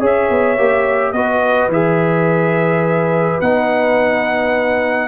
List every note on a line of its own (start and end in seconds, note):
0.00 0.29 C#4
0.00 0.57 G#4
0.00 1.14 C#5
0.00 1.12 E5
0.30 0.58 B3
0.58 1.13 A#3
0.58 1.14 G4
1.12 1.68 B3
1.12 1.72 F#4
1.12 5.08 B4
1.12 1.69 D#5
1.68 3.38 E3
1.68 3.42 G#4
1.68 3.41 E5
3.41 5.08 B3
3.41 5.08 D#4
3.41 5.08 F#5